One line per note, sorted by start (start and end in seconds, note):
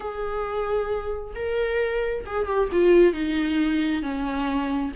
0.00 1.34 G#4
1.35 2.24 A#4
2.26 2.46 G#4
2.46 2.69 G4
2.72 3.13 F4
3.13 4.02 D#4
4.02 4.92 C#4